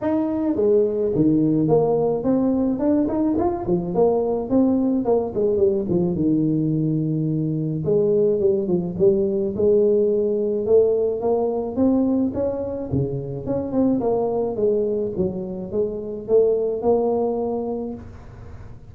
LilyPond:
\new Staff \with { instrumentName = "tuba" } { \time 4/4 \tempo 4 = 107 dis'4 gis4 dis4 ais4 | c'4 d'8 dis'8 f'8 f8 ais4 | c'4 ais8 gis8 g8 f8 dis4~ | dis2 gis4 g8 f8 |
g4 gis2 a4 | ais4 c'4 cis'4 cis4 | cis'8 c'8 ais4 gis4 fis4 | gis4 a4 ais2 | }